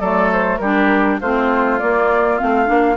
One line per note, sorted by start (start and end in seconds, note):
0.00 0.60 F#3
0.00 0.62 A3
0.00 0.59 A4
0.00 0.30 D5
0.33 0.57 C5
0.57 1.19 G3
0.57 1.22 D4
0.57 1.20 G4
0.57 1.17 A#4
1.20 1.81 A3
1.20 1.80 C4
1.20 2.97 F4
1.20 1.79 C5
1.79 2.38 A#3
1.79 2.41 A#3
1.79 2.38 D5
2.38 2.69 A3
2.38 2.66 C4
2.38 2.97 F5
2.66 2.97 A#3
2.66 2.95 D4